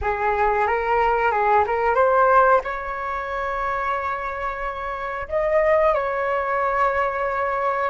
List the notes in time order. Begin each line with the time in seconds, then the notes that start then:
0.01 G#4
0.67 A#4
1.31 G#4
1.66 A#4
1.95 C5
2.64 C#5
5.28 D#5
5.94 C#5